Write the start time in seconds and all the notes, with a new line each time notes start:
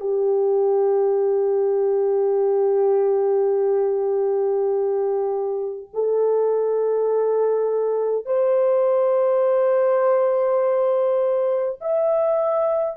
0.00 G4
5.94 A4
8.26 C5
11.81 E5